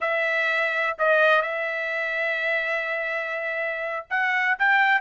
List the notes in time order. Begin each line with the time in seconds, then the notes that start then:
0.00 E5
0.98 D#5
1.42 E5
4.10 F#5
4.58 G5